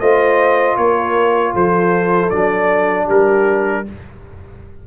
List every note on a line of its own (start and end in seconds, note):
0.00 0.77 A3
0.00 2.32 F4
0.00 0.77 C5
0.00 0.77 D#5
0.77 1.54 A#3
0.77 1.54 A#4
0.77 1.54 C#5
1.54 2.31 F3
1.54 3.06 A4
1.54 2.30 C5
2.30 3.08 F#3
2.30 3.86 D4
2.30 3.07 D5
3.06 3.87 G3
3.06 3.83 G4
3.06 3.87 A#4